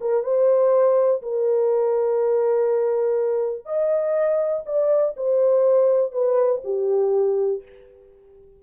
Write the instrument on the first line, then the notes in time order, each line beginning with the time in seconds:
horn
0.00 A#4
0.23 C5
1.22 A#4
3.65 D#5
4.65 D5
5.16 C5
6.12 B4
6.64 G4